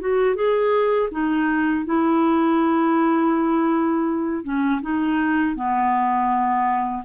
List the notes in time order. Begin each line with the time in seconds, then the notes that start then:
0.00 F#4
0.35 G#4
1.11 D#4
1.86 E4
4.44 C#4
4.82 D#4
5.56 B3